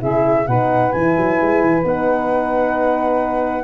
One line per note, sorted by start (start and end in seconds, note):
0.00 0.48 C#3
0.00 0.46 E4
0.00 0.45 G#4
0.00 0.47 E5
0.47 0.93 B2
0.47 0.93 D#4
0.47 3.64 B4
0.47 0.92 F#5
0.92 1.17 E3
0.92 1.84 E4
0.92 1.83 G#5
1.17 1.40 F#3
1.42 1.61 G#3
1.61 1.84 E3
1.84 3.64 B3
1.84 3.64 D#4
1.84 3.64 F#5